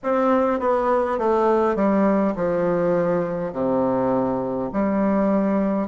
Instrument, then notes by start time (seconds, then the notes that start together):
bassoon
0.03 C4
0.59 B3
1.18 A3
1.75 G3
2.35 F3
3.52 C3
4.73 G3